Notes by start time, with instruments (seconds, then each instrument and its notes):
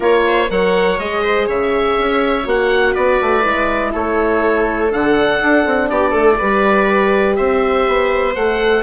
0.00 bassoon A#3, horn F4, viola A#4, oboe C#5
0.26 viola C5
0.49 bassoon F#3, horn A#4, viola C#5, oboe F#5
0.99 bassoon G#3, horn G#4, oboe D#5
1.23 viola C5
1.47 bassoon C#3, viola C#5, oboe E5
1.98 bassoon C#4
2.44 bassoon A#3, horn F#4, oboe F#5
2.92 bassoon B3, viola B4, oboe D5
3.21 bassoon A3
3.41 bassoon G#3, horn E4
3.92 bassoon A3, viola A4, oboe C#5
4.89 bassoon D3, horn D4, oboe F#5
5.40 bassoon D4
5.65 bassoon C4
5.89 bassoon B3, viola G4, oboe D5
6.11 bassoon A3, viola A4
6.38 bassoon G3, horn G4, viola B4
7.35 bassoon C4, viola C5, oboe E5
7.87 bassoon B3
8.35 bassoon A3, horn A4, oboe F#5